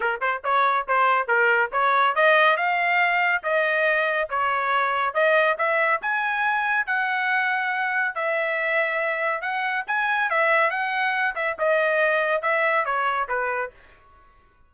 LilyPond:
\new Staff \with { instrumentName = "trumpet" } { \time 4/4 \tempo 4 = 140 ais'8 c''8 cis''4 c''4 ais'4 | cis''4 dis''4 f''2 | dis''2 cis''2 | dis''4 e''4 gis''2 |
fis''2. e''4~ | e''2 fis''4 gis''4 | e''4 fis''4. e''8 dis''4~ | dis''4 e''4 cis''4 b'4 | }